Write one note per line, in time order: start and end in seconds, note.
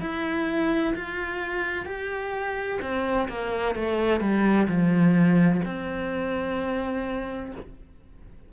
0.00 0.94 E4
0.95 1.85 F4
1.85 2.79 G4
2.81 3.28 C4
3.28 3.75 A#3
3.75 4.20 A3
4.20 4.67 G3
4.67 5.61 F3
5.64 7.52 C4